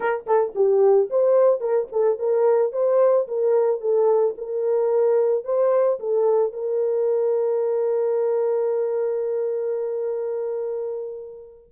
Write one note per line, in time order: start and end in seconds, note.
0.00 0.26 A#4
0.26 0.53 A4
0.55 1.09 G4
1.10 1.60 C5
1.60 1.87 A#4
1.92 2.18 A4
2.18 2.72 A#4
2.72 3.27 C5
3.27 3.80 A#4
3.80 4.35 A4
4.37 5.44 A#4
5.44 5.99 C5
5.99 6.52 A4
6.52 11.70 A#4